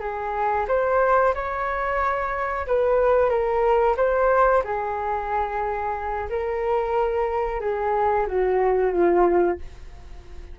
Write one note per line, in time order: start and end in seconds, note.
0.00 0.66 G#4
0.68 1.34 C5
1.35 2.66 C#5
2.67 3.30 B4
3.30 3.96 A#4
3.97 4.63 C5
4.64 6.29 G#4
6.30 7.61 A#4
7.61 8.27 G#4
8.27 8.93 F#4
8.93 9.58 F4